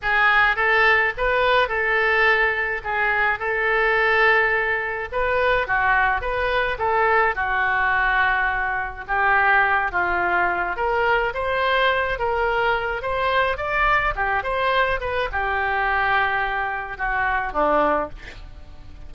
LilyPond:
\new Staff \with { instrumentName = "oboe" } { \time 4/4 \tempo 4 = 106 gis'4 a'4 b'4 a'4~ | a'4 gis'4 a'2~ | a'4 b'4 fis'4 b'4 | a'4 fis'2. |
g'4. f'4. ais'4 | c''4. ais'4. c''4 | d''4 g'8 c''4 b'8 g'4~ | g'2 fis'4 d'4 | }